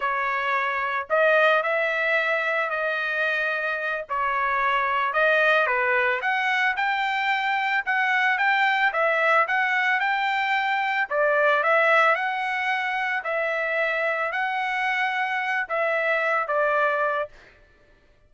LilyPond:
\new Staff \with { instrumentName = "trumpet" } { \time 4/4 \tempo 4 = 111 cis''2 dis''4 e''4~ | e''4 dis''2~ dis''8 cis''8~ | cis''4. dis''4 b'4 fis''8~ | fis''8 g''2 fis''4 g''8~ |
g''8 e''4 fis''4 g''4.~ | g''8 d''4 e''4 fis''4.~ | fis''8 e''2 fis''4.~ | fis''4 e''4. d''4. | }